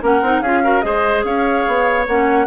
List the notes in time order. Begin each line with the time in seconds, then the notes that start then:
0.00 A#3 C#4 A#4 F#5
0.21 C4 D#4
0.41 C#4 F4 G#4 F5
0.63 F#4 A#4
0.81 G#3 G#4 C5 D#5
1.24 C#4 C#5 F5
1.67 B3
2.07 A#3 C#4 F#5